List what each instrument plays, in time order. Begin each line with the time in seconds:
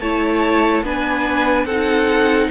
0.00 cello A3, viola E4, violin C#5 A5
0.83 cello B3, viola D4, violin B4 G#5
1.65 cello C4, violin A4 F#5
1.72 viola D#4